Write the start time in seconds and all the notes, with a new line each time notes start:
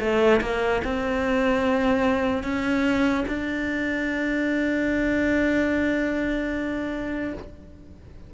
0.00 A3
0.41 A#3
0.84 C4
2.44 C#4
3.28 D4